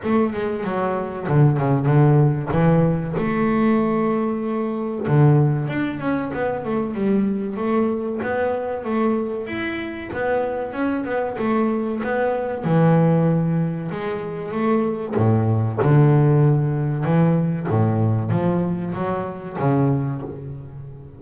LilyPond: \new Staff \with { instrumentName = "double bass" } { \time 4/4 \tempo 4 = 95 a8 gis8 fis4 d8 cis8 d4 | e4 a2. | d4 d'8 cis'8 b8 a8 g4 | a4 b4 a4 e'4 |
b4 cis'8 b8 a4 b4 | e2 gis4 a4 | a,4 d2 e4 | a,4 f4 fis4 cis4 | }